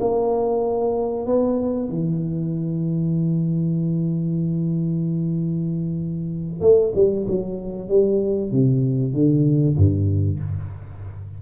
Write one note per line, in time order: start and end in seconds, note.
0.00 1.26 A#3
1.26 1.89 B3
1.89 6.61 E3
6.61 6.93 A3
6.94 7.26 G3
7.27 7.89 F#3
7.89 8.51 G3
8.51 9.13 C3
9.13 9.76 D3
9.77 10.40 G2